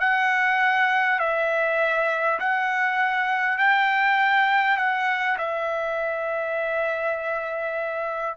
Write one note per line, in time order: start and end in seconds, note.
0.00 1.19 F#5
1.19 2.39 E5
2.39 3.58 F#5
3.58 4.77 G5
4.77 5.37 F#5
5.38 8.37 E5